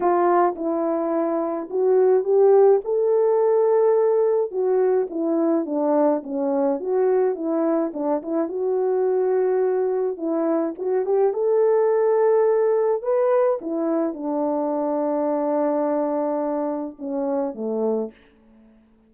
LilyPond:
\new Staff \with { instrumentName = "horn" } { \time 4/4 \tempo 4 = 106 f'4 e'2 fis'4 | g'4 a'2. | fis'4 e'4 d'4 cis'4 | fis'4 e'4 d'8 e'8 fis'4~ |
fis'2 e'4 fis'8 g'8 | a'2. b'4 | e'4 d'2.~ | d'2 cis'4 a4 | }